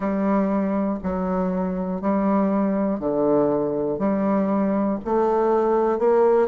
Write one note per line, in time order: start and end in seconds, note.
0.00 0.99 G3
1.03 2.01 F#3
2.01 3.00 G3
3.00 3.98 D3
3.98 4.98 G3
5.05 5.99 A3
5.99 6.48 A#3